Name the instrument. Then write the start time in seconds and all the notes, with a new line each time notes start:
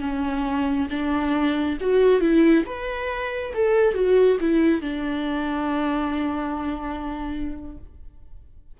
viola
0.00 C#4
0.90 D4
1.80 F#4
2.20 E4
2.66 B4
3.54 A4
3.94 F#4
4.40 E4
4.81 D4